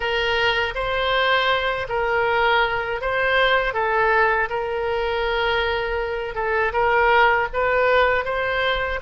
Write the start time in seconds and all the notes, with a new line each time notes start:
0.00 A#4
0.74 C5
1.88 A#4
3.01 C5
3.73 A4
4.49 A#4
6.34 A4
6.73 A#4
7.53 B4
8.24 C5